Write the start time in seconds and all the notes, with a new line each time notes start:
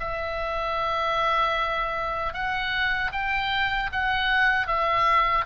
0.00 E5
2.34 F#5
3.12 G5
3.92 F#5
4.68 E5